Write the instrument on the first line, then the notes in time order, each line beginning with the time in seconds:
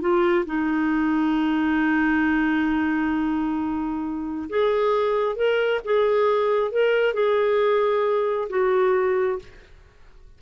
clarinet
0.00 F4
0.46 D#4
4.49 G#4
5.35 A#4
5.84 G#4
6.71 A#4
7.13 G#4
8.49 F#4